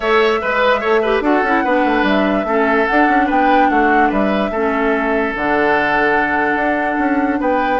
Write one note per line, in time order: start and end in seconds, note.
0.00 0.40 A3
0.00 0.43 A4
0.00 0.40 C#5
0.00 1.22 E5
0.41 0.84 G#3
0.41 0.80 B4
0.41 0.81 B4
0.80 1.21 A3
0.80 1.02 A4
0.80 1.01 C#5
1.02 1.23 G4
1.02 1.22 B4
1.21 1.41 D4
1.21 1.43 F#4
1.21 1.64 A4
1.21 2.05 F#5
1.43 1.63 C#4
1.43 1.65 E4
1.64 1.84 B3
1.64 2.46 D4
1.64 2.46 B4
1.84 2.02 A3
2.02 2.44 G3
2.02 2.86 E5
2.44 2.85 A3
2.44 2.87 C#4
2.44 3.26 A4
2.86 4.53 D4
2.86 3.08 D4
2.86 3.27 F#5
3.08 3.28 C#4
3.26 3.69 B3
3.26 3.67 B4
3.26 3.69 G5
3.69 4.10 A3
3.69 4.09 F#4
3.69 4.10 F#5
4.09 4.50 G3
4.09 4.50 B4
4.09 5.34 E5
4.50 5.32 A3
4.50 5.35 C#4
4.50 7.39 A4
5.35 6.55 D3
5.35 7.80 D4
5.35 7.41 F#5
6.55 6.96 D4
6.98 7.39 C#4
7.40 7.80 B3
7.40 7.80 B4
7.40 7.80 G5